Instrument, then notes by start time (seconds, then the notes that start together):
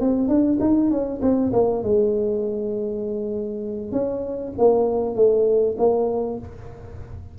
tuba
0.00 C4
0.28 D4
0.60 D#4
0.90 C#4
1.21 C4
1.52 A#3
1.83 G#3
3.92 C#4
4.58 A#3
5.15 A3
5.78 A#3